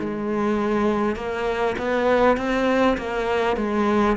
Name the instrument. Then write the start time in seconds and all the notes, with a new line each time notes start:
cello
0.00 G#3
1.16 A#3
1.79 B3
2.38 C4
2.98 A#3
3.57 G#3